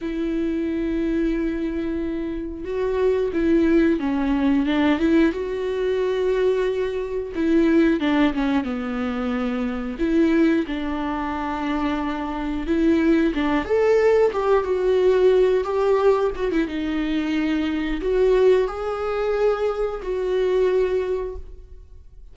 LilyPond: \new Staff \with { instrumentName = "viola" } { \time 4/4 \tempo 4 = 90 e'1 | fis'4 e'4 cis'4 d'8 e'8 | fis'2. e'4 | d'8 cis'8 b2 e'4 |
d'2. e'4 | d'8 a'4 g'8 fis'4. g'8~ | g'8 fis'16 e'16 dis'2 fis'4 | gis'2 fis'2 | }